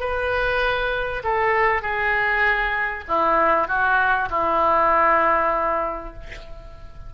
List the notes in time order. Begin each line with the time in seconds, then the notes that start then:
0.00 B4
1.24 A4
1.82 G#4
3.08 E4
3.67 F#4
4.30 E4